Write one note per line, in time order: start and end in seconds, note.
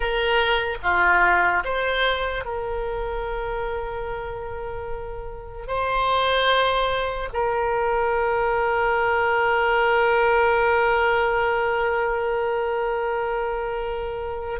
0.00 0.77 A#4
0.82 1.63 F4
1.64 2.45 C5
2.45 5.67 A#4
5.67 7.29 C5
7.33 14.60 A#4